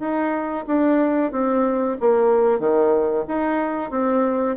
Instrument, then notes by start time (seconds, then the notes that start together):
bassoon
0.00 D#4
0.67 D4
1.32 C4
2.00 A#3
2.60 D#3
3.28 D#4
3.91 C4